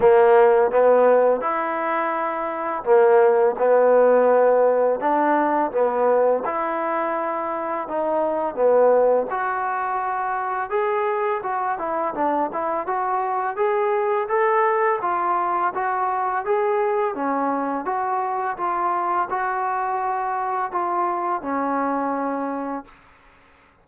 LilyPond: \new Staff \with { instrumentName = "trombone" } { \time 4/4 \tempo 4 = 84 ais4 b4 e'2 | ais4 b2 d'4 | b4 e'2 dis'4 | b4 fis'2 gis'4 |
fis'8 e'8 d'8 e'8 fis'4 gis'4 | a'4 f'4 fis'4 gis'4 | cis'4 fis'4 f'4 fis'4~ | fis'4 f'4 cis'2 | }